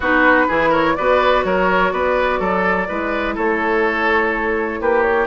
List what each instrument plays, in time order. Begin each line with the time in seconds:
0.00 bassoon B3, clarinet D#4, oboe F#4, flute B4
0.48 bassoon E3, clarinet E4, oboe G#4
0.69 oboe A#4, flute C#5
0.95 bassoon B3, clarinet F#4, oboe B4, flute D5
1.44 bassoon F#3, oboe A#4, flute C#5
1.91 bassoon B3, oboe B4, flute D5
2.39 bassoon F#3, oboe A4
2.87 bassoon G#3, clarinet E4, oboe B4
3.35 bassoon A3, oboe A4, flute C#5
4.80 bassoon A#3, oboe G4, flute B4
5.02 flute C#5